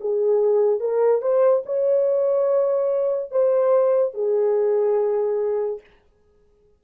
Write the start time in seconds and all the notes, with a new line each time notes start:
0.00 G#4
0.80 A#4
1.21 C5
1.66 C#5
3.31 C5
4.14 G#4